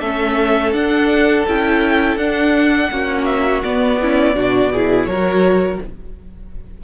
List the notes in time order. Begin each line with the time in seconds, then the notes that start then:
0.00 A3 C#4 A4 E5
0.72 D4 F#5
1.48 C#4 E4 G5
2.17 D4 F#5
2.91 A#3 C#4 F#4
3.25 E5
3.64 B3 D5
4.01 C#4 E4
4.35 B2 D4 F#4
4.73 E4 G#4
5.06 F#3 F#4 A#4 C#5